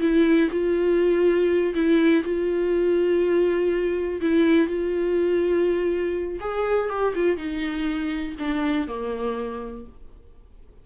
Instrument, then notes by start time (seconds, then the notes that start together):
viola
0.00 E4
0.51 F4
1.74 E4
2.24 F4
4.21 E4
4.67 F4
6.40 G#4
6.89 G4
7.15 F4
7.37 D#4
8.39 D4
8.87 A#3